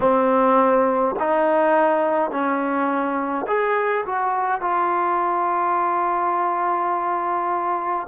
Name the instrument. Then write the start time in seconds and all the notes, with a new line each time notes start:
trombone
0.00 C4
1.19 D#4
2.30 C#4
3.47 G#4
4.05 F#4
4.61 F4